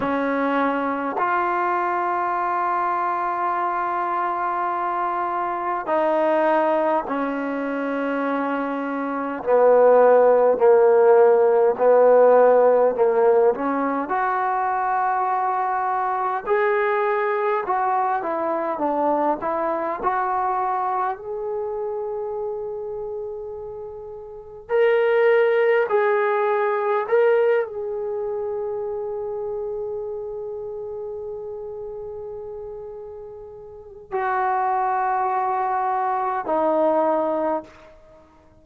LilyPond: \new Staff \with { instrumentName = "trombone" } { \time 4/4 \tempo 4 = 51 cis'4 f'2.~ | f'4 dis'4 cis'2 | b4 ais4 b4 ais8 cis'8 | fis'2 gis'4 fis'8 e'8 |
d'8 e'8 fis'4 gis'2~ | gis'4 ais'4 gis'4 ais'8 gis'8~ | gis'1~ | gis'4 fis'2 dis'4 | }